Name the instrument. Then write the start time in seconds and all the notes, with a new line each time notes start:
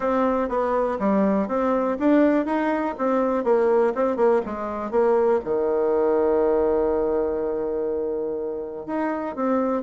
bassoon
0.00 C4
0.49 B3
0.99 G3
1.48 C4
1.99 D4
2.45 D#4
2.98 C4
3.43 A#3
3.95 C4
4.16 A#3
4.45 G#3
4.90 A#3
5.44 D#3
8.86 D#4
9.35 C4